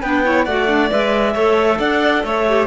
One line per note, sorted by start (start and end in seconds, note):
0.00 0.46 B3
0.00 0.24 D4
0.00 0.22 B4
0.00 0.45 G5
0.24 0.46 E4
0.24 0.45 C#5
0.45 0.90 A3
0.45 0.66 F#4
0.45 1.33 D5
0.45 0.89 F#5
0.66 0.88 D4
0.90 1.35 G#3
0.90 1.34 B4
0.90 1.79 E5
1.33 1.79 A3
1.33 2.45 A4
1.33 1.78 C#5
1.79 2.23 D4
1.79 2.24 D5
1.79 2.24 F#5
2.23 2.67 A3
2.23 2.67 C#5
2.23 2.67 E5
2.48 2.67 G4